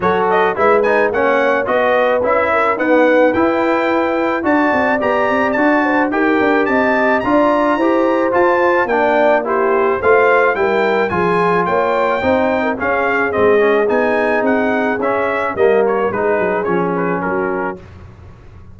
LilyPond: <<
  \new Staff \with { instrumentName = "trumpet" } { \time 4/4 \tempo 4 = 108 cis''8 dis''8 e''8 gis''8 fis''4 dis''4 | e''4 fis''4 g''2 | a''4 ais''4 a''4 g''4 | a''4 ais''2 a''4 |
g''4 c''4 f''4 g''4 | gis''4 g''2 f''4 | dis''4 gis''4 fis''4 e''4 | dis''8 cis''8 b'4 cis''8 b'8 ais'4 | }
  \new Staff \with { instrumentName = "horn" } { \time 4/4 a'4 b'4 cis''4 b'4~ | b'8 ais'8 b'2. | d''2~ d''8 c''8 ais'4 | dis''4 d''4 c''2 |
d''4 g'4 c''4 ais'4 | gis'4 cis''4 c''8. ais'16 gis'4~ | gis'1 | ais'4 gis'2 fis'4 | }
  \new Staff \with { instrumentName = "trombone" } { \time 4/4 fis'4 e'8 dis'8 cis'4 fis'4 | e'4 b4 e'2 | fis'4 g'4 fis'4 g'4~ | g'4 f'4 g'4 f'4 |
d'4 e'4 f'4 e'4 | f'2 dis'4 cis'4 | c'8 cis'8 dis'2 cis'4 | ais4 dis'4 cis'2 | }
  \new Staff \with { instrumentName = "tuba" } { \time 4/4 fis4 gis4 ais4 b4 | cis'4 dis'4 e'2 | d'8 c'8 b8 c'8 d'4 dis'8 d'8 | c'4 d'4 e'4 f'4 |
ais2 a4 g4 | f4 ais4 c'4 cis'4 | gis4 b4 c'4 cis'4 | g4 gis8 fis8 f4 fis4 | }
>>